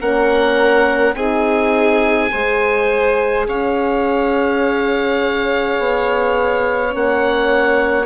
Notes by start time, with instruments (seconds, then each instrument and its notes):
0.00 bassoon A#3, horn C#4, violin A#4, oboe F#5
1.15 bassoon C4, horn D#4, violin G#4, oboe G#5
2.32 bassoon G#3, horn G#4, violin C5
3.48 bassoon C#4, violin C#5, oboe F5
5.79 bassoon B3
6.90 bassoon A#3, horn C#4
6.96 oboe F#5